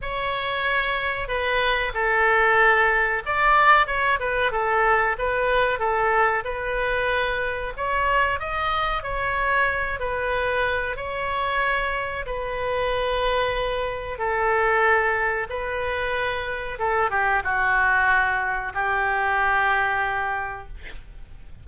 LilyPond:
\new Staff \with { instrumentName = "oboe" } { \time 4/4 \tempo 4 = 93 cis''2 b'4 a'4~ | a'4 d''4 cis''8 b'8 a'4 | b'4 a'4 b'2 | cis''4 dis''4 cis''4. b'8~ |
b'4 cis''2 b'4~ | b'2 a'2 | b'2 a'8 g'8 fis'4~ | fis'4 g'2. | }